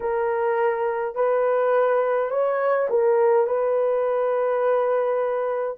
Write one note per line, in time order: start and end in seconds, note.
0.00 1.15 A#4
1.15 2.30 B4
2.30 2.88 C#5
2.89 3.46 A#4
3.46 5.77 B4